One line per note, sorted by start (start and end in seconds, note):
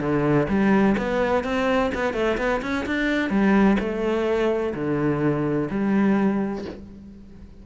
0.00 0.47 D3
0.49 0.96 G3
0.98 1.44 B3
1.44 1.92 C4
1.95 2.14 B3
2.14 2.37 A3
2.38 2.61 B3
2.62 2.86 C#4
2.86 3.30 D4
3.30 3.77 G3
3.79 4.74 A3
4.75 5.69 D3
5.71 6.65 G3